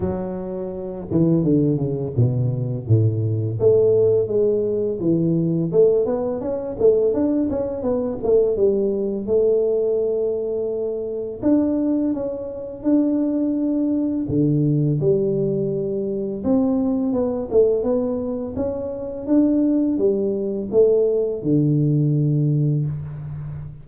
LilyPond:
\new Staff \with { instrumentName = "tuba" } { \time 4/4 \tempo 4 = 84 fis4. e8 d8 cis8 b,4 | a,4 a4 gis4 e4 | a8 b8 cis'8 a8 d'8 cis'8 b8 a8 | g4 a2. |
d'4 cis'4 d'2 | d4 g2 c'4 | b8 a8 b4 cis'4 d'4 | g4 a4 d2 | }